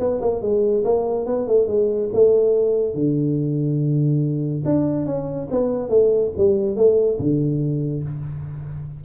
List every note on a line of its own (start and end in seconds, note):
0.00 0.21 B3
0.22 0.42 A#3
0.42 0.84 G#3
0.85 1.26 A#3
1.26 1.48 B3
1.48 1.68 A3
1.68 2.10 G#3
2.14 2.95 A3
2.95 4.64 D3
4.66 5.06 D4
5.06 5.49 C#4
5.51 5.90 B3
5.90 6.32 A3
6.38 6.76 G3
6.76 7.19 A3
7.19 8.04 D3